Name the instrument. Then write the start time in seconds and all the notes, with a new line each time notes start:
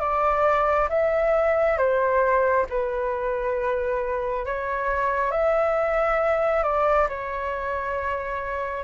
flute
0.00 D5
0.89 E5
1.77 C5
2.69 B4
4.46 C#5
5.31 E5
6.63 D5
7.08 C#5